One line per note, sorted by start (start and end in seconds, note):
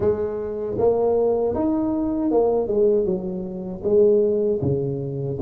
0.00 0.77 G#3
0.78 1.55 A#3
1.55 2.31 D#4
2.31 2.67 A#3
2.67 3.05 G#3
3.05 3.82 F#3
3.83 4.60 G#3
4.62 5.38 C#3